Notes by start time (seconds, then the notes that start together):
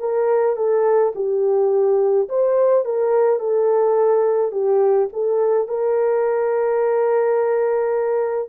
0.00 A#4
0.57 A4
1.15 G4
2.29 C5
2.85 A#4
3.40 A4
4.52 G4
5.13 A4
5.68 A#4